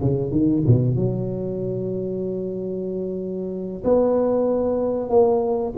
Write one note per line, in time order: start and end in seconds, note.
0.00 0.31 C#3
0.31 0.63 D#3
0.66 0.96 B2
0.96 3.83 F#3
3.84 5.09 B3
5.09 5.73 A#3